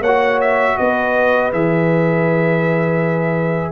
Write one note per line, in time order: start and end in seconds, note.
0.00 0.74 A#3
0.00 0.74 C#5
0.00 0.40 F#5
0.06 1.53 F#4
0.41 0.77 E5
0.77 1.53 B3
0.77 3.71 B4
0.77 1.51 D#5
1.52 3.71 E3
1.52 3.71 G#4
1.52 3.71 E5